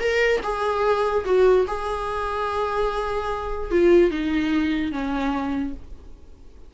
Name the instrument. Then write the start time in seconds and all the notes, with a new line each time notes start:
viola
0.00 A#4
0.43 G#4
1.25 F#4
1.68 G#4
3.71 F4
4.11 D#4
4.92 C#4